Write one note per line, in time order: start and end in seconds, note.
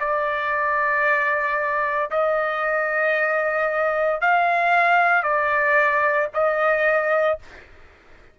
0.00 2.11 D5
2.11 4.22 D#5
4.22 5.23 F5
5.23 6.29 D5
6.34 7.39 D#5